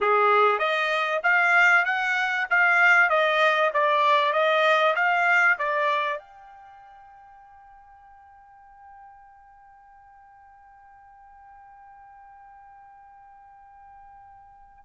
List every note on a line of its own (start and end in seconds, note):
0.00 0.58 G#4
0.58 1.20 D#5
1.23 1.85 F5
1.85 2.47 F#5
2.50 3.09 F5
3.09 3.71 D#5
3.73 4.32 D5
4.32 4.94 D#5
4.95 5.57 F5
5.58 6.19 D5
6.19 14.85 G5